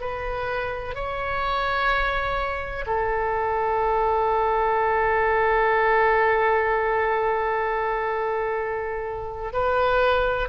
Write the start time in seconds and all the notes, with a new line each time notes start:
0.00 B4
0.94 C#5
2.86 A4
9.53 B4